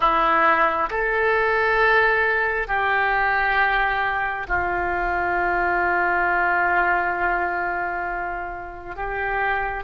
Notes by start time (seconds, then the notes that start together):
0.00 E4
0.90 A4
2.67 G4
4.48 F4
8.96 G4